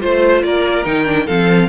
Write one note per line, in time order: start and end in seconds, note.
0.00 0.43 A3
0.00 0.85 F4
0.00 0.43 C5
0.43 0.86 A#3
0.43 1.26 A#4
0.43 0.85 D5
0.85 1.28 D#3
0.85 1.05 D#4
0.85 1.27 G5
1.05 1.26 D4
1.26 1.69 F3
1.26 1.69 C4
1.26 1.68 A4
1.26 1.69 F5